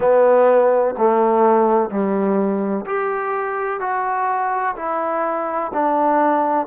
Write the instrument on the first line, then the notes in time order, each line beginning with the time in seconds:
trombone
0.00 B3
0.97 A3
1.90 G3
2.86 G4
3.80 F#4
4.76 E4
5.73 D4